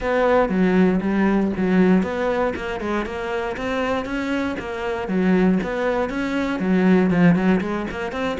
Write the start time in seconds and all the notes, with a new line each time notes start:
0.00 B3
0.49 F#3
1.01 G3
1.56 F#3
2.02 B3
2.55 A#3
2.80 G#3
3.05 A#3
3.56 C4
4.05 C#4
4.59 A#3
5.08 F#3
5.63 B3
6.09 C#4
6.59 F#3
7.10 F3
7.35 F#3
7.60 G#3
7.91 A#3
8.12 C4